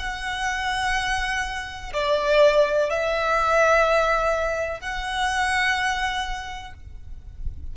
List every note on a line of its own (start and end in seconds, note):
0.00 1.94 F#5
1.94 2.90 D5
2.90 4.81 E5
4.81 6.74 F#5